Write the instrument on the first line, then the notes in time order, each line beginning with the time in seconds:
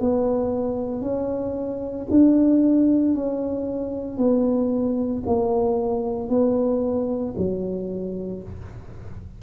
tuba
0.00 B3
1.01 C#4
2.10 D4
3.14 C#4
4.18 B3
5.26 A#3
6.29 B3
7.37 F#3